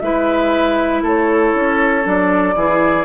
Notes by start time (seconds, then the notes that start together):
0.00 G#3 E4 B4 E5
1.03 A3 A4 C#5
1.54 C#4
2.03 F#3 D4 D5
2.55 E3 E4 G#4